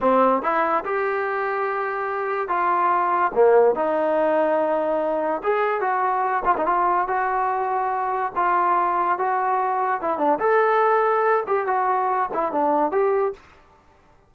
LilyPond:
\new Staff \with { instrumentName = "trombone" } { \time 4/4 \tempo 4 = 144 c'4 e'4 g'2~ | g'2 f'2 | ais4 dis'2.~ | dis'4 gis'4 fis'4. f'16 dis'16 |
f'4 fis'2. | f'2 fis'2 | e'8 d'8 a'2~ a'8 g'8 | fis'4. e'8 d'4 g'4 | }